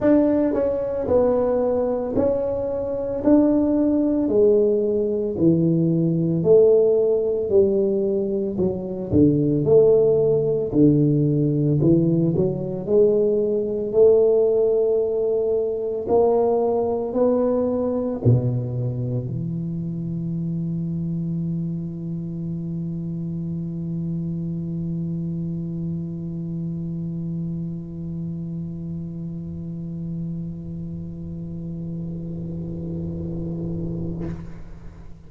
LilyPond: \new Staff \with { instrumentName = "tuba" } { \time 4/4 \tempo 4 = 56 d'8 cis'8 b4 cis'4 d'4 | gis4 e4 a4 g4 | fis8 d8 a4 d4 e8 fis8 | gis4 a2 ais4 |
b4 b,4 e2~ | e1~ | e1~ | e1 | }